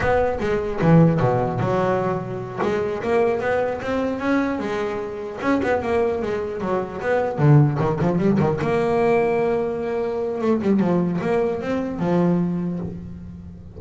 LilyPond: \new Staff \with { instrumentName = "double bass" } { \time 4/4 \tempo 4 = 150 b4 gis4 e4 b,4 | fis2~ fis8 gis4 ais8~ | ais8 b4 c'4 cis'4 gis8~ | gis4. cis'8 b8 ais4 gis8~ |
gis8 fis4 b4 d4 dis8 | f8 g8 dis8 ais2~ ais8~ | ais2 a8 g8 f4 | ais4 c'4 f2 | }